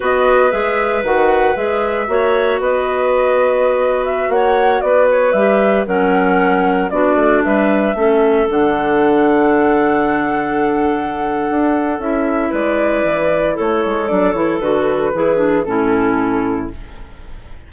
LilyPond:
<<
  \new Staff \with { instrumentName = "flute" } { \time 4/4 \tempo 4 = 115 dis''4 e''4 fis''4 e''4~ | e''4 dis''2~ dis''8. e''16~ | e''16 fis''4 d''8 cis''8 e''4 fis''8.~ | fis''4~ fis''16 d''4 e''4.~ e''16~ |
e''16 fis''2.~ fis''8.~ | fis''2. e''4 | d''2 cis''4 d''8 cis''8 | b'2 a'2 | }
  \new Staff \with { instrumentName = "clarinet" } { \time 4/4 b'1 | cis''4 b'2.~ | b'16 cis''4 b'2 ais'8.~ | ais'4~ ais'16 fis'4 b'4 a'8.~ |
a'1~ | a'1 | b'2 a'2~ | a'4 gis'4 e'2 | }
  \new Staff \with { instrumentName = "clarinet" } { \time 4/4 fis'4 gis'4 fis'4 gis'4 | fis'1~ | fis'2~ fis'16 g'4 cis'8.~ | cis'4~ cis'16 d'2 cis'8.~ |
cis'16 d'2.~ d'8.~ | d'2. e'4~ | e'2. d'8 e'8 | fis'4 e'8 d'8 cis'2 | }
  \new Staff \with { instrumentName = "bassoon" } { \time 4/4 b4 gis4 dis4 gis4 | ais4 b2.~ | b16 ais4 b4 g4 fis8.~ | fis4~ fis16 b8 a8 g4 a8.~ |
a16 d2.~ d8.~ | d2 d'4 cis'4 | gis4 e4 a8 gis8 fis8 e8 | d4 e4 a,2 | }
>>